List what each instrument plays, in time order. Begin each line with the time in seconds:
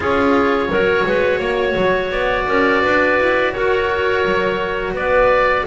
0.00 double bass C#4, cello F4, clarinet G#4, oboe C#5
0.69 double bass F#3, cello F#4, clarinet A#4
1.06 double bass G#3, clarinet B4
1.38 double bass A#3, clarinet C#5
1.76 double bass F#3
2.11 double bass B3, oboe D5
2.47 double bass C#4, clarinet A#4
2.82 double bass D4, clarinet B4
3.18 double bass E4
3.52 double bass F#4, clarinet A#4, oboe C#5
4.24 double bass F#3
4.93 double bass B3, clarinet B4, oboe D5